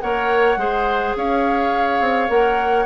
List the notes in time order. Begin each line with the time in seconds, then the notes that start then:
0.00 A#3 A#4 C#5 F#5
0.56 G#3 G#4 C5
1.15 C#4 C#5 F5
2.00 C4
2.28 A#3 A#4 F#5